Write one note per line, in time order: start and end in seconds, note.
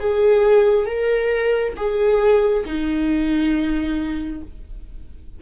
0.00 0.86 G#4
0.86 1.74 A#4
1.77 2.65 G#4
2.66 4.42 D#4